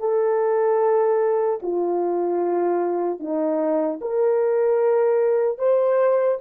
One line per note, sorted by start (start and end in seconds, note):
0.00 1.60 A4
1.63 3.20 F4
3.20 4.00 D#4
4.01 5.59 A#4
5.59 6.39 C5